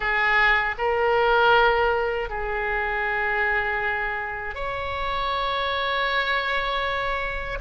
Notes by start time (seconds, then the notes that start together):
0.00 G#4
0.78 A#4
2.29 G#4
4.54 C#5